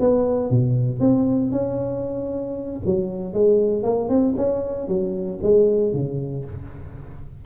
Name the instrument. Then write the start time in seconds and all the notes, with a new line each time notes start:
tuba
0.00 B3
0.51 B2
1.00 C4
1.51 C#4
2.85 F#3
3.33 G#3
3.83 A#3
4.09 C4
4.37 C#4
4.88 F#3
5.43 G#3
5.93 C#3